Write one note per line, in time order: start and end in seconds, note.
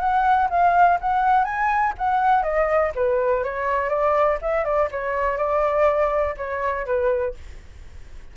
0.00 0.49 F#5
0.51 0.99 F5
1.01 1.45 F#5
1.45 1.94 G#5
1.98 2.43 F#5
2.43 2.92 D#5
2.96 3.44 B4
3.44 3.90 C#5
3.90 4.39 D5
4.42 4.65 E5
4.65 4.89 D5
4.92 5.37 C#5
5.37 6.35 D5
6.37 6.86 C#5
6.86 7.35 B4